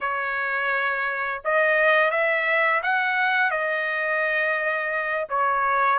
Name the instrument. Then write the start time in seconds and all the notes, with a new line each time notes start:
trumpet
0.00 C#5
1.44 D#5
2.10 E5
2.82 F#5
3.51 D#5
5.29 C#5